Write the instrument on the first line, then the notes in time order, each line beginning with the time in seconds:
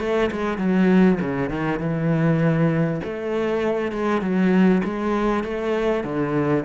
cello
0.00 A3
0.31 G#3
0.58 F#3
1.20 C#3
1.50 D#3
1.80 E3
3.04 A3
3.92 G#3
4.21 F#3
4.84 G#3
5.44 A3
6.04 D3